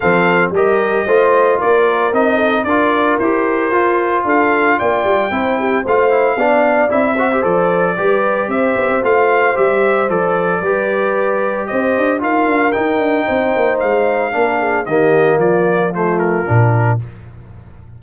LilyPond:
<<
  \new Staff \with { instrumentName = "trumpet" } { \time 4/4 \tempo 4 = 113 f''4 dis''2 d''4 | dis''4 d''4 c''2 | f''4 g''2 f''4~ | f''4 e''4 d''2 |
e''4 f''4 e''4 d''4~ | d''2 dis''4 f''4 | g''2 f''2 | dis''4 d''4 c''8 ais'4. | }
  \new Staff \with { instrumentName = "horn" } { \time 4/4 a'4 ais'4 c''4 ais'4~ | ais'8 a'8 ais'2. | a'4 d''4 c''8 g'8 c''4 | d''4. c''4. b'4 |
c''1 | b'2 c''4 ais'4~ | ais'4 c''2 ais'8 gis'8 | g'4 f'2. | }
  \new Staff \with { instrumentName = "trombone" } { \time 4/4 c'4 g'4 f'2 | dis'4 f'4 g'4 f'4~ | f'2 e'4 f'8 e'8 | d'4 e'8 fis'16 g'16 a'4 g'4~ |
g'4 f'4 g'4 a'4 | g'2. f'4 | dis'2. d'4 | ais2 a4 d'4 | }
  \new Staff \with { instrumentName = "tuba" } { \time 4/4 f4 g4 a4 ais4 | c'4 d'4 e'4 f'4 | d'4 ais8 g8 c'4 a4 | b4 c'4 f4 g4 |
c'8 b16 c'16 a4 g4 f4 | g2 c'8 d'8 dis'8 d'8 | dis'8 d'8 c'8 ais8 gis4 ais4 | dis4 f2 ais,4 | }
>>